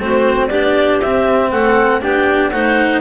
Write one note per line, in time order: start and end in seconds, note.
0.00 0.51 A3
0.00 0.50 C4
0.00 0.49 F#4
0.00 0.48 C5
0.48 1.01 B3
0.48 1.02 D4
0.48 1.50 G4
0.48 0.98 D5
1.01 1.51 C4
1.01 2.02 C4
1.01 1.51 E5
1.51 2.02 A3
1.51 2.02 A4
1.51 2.02 F#5
2.02 2.53 B3
2.02 2.52 D4
2.02 2.52 G4
2.02 2.51 G5
2.51 3.01 A3
2.51 3.01 D#4
2.51 3.01 C5
2.51 3.01 F#5